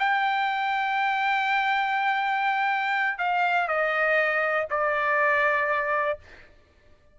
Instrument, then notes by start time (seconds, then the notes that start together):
trumpet
0.00 G5
3.19 F5
3.68 D#5
4.71 D5